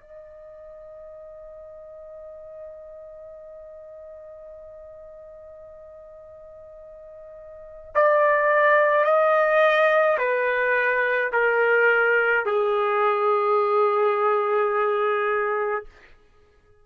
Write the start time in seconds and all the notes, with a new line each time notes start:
0.00 D#5
7.95 D5
9.04 D#5
10.18 B4
11.32 A#4
12.45 G#4